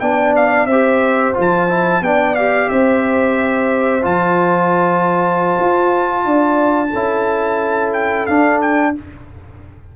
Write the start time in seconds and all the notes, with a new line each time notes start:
0.00 B3 D4 D5 G5
0.36 F5
0.66 C4 G4 C5 E5
1.34 F3 F4
1.41 A5
1.69 E4
2.01 B3 D4 D5 G5
2.35 G4 F5
2.69 C4 C5 E5
4.02 F3 F4 A5
5.59 F4
6.25 D4 D5
6.90 C#4 E4 A4
7.93 G5
8.26 D4 F5
8.61 G5